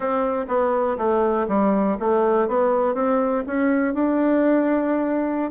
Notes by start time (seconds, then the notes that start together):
0.00 C4
0.48 B3
0.97 A3
1.48 G3
1.99 A3
2.48 B3
2.94 C4
3.46 C#4
3.93 D4